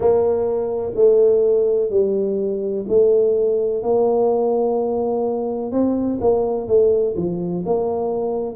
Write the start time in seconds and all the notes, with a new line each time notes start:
0.00 A#3
0.95 A3
1.90 G3
2.88 A3
3.82 A#3
5.71 C4
6.20 A#3
6.67 A3
7.16 F3
7.65 A#3